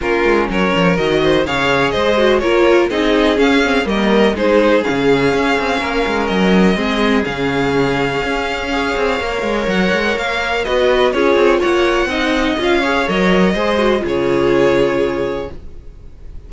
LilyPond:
<<
  \new Staff \with { instrumentName = "violin" } { \time 4/4 \tempo 4 = 124 ais'4 cis''4 dis''4 f''4 | dis''4 cis''4 dis''4 f''4 | dis''4 c''4 f''2~ | f''4 dis''2 f''4~ |
f''1 | fis''4 f''4 dis''4 cis''4 | fis''2 f''4 dis''4~ | dis''4 cis''2. | }
  \new Staff \with { instrumentName = "violin" } { \time 4/4 f'4 ais'4. c''8 cis''4 | c''4 ais'4 gis'2 | ais'4 gis'2. | ais'2 gis'2~ |
gis'2 cis''2~ | cis''2 b'4 gis'4 | cis''4 dis''4. cis''4. | c''4 gis'2. | }
  \new Staff \with { instrumentName = "viola" } { \time 4/4 cis'2 fis'4 gis'4~ | gis'8 fis'8 f'4 dis'4 cis'8 c'8 | ais4 dis'4 cis'2~ | cis'2 c'4 cis'4~ |
cis'2 gis'4 ais'4~ | ais'2 fis'4 f'4~ | f'4 dis'4 f'8 gis'8 ais'4 | gis'8 fis'8 f'2. | }
  \new Staff \with { instrumentName = "cello" } { \time 4/4 ais8 gis8 fis8 f8 dis4 cis4 | gis4 ais4 c'4 cis'4 | g4 gis4 cis4 cis'8 c'8 | ais8 gis8 fis4 gis4 cis4~ |
cis4 cis'4. c'8 ais8 gis8 | fis8 gis8 ais4 b4 cis'8 c'8 | ais4 c'4 cis'4 fis4 | gis4 cis2. | }
>>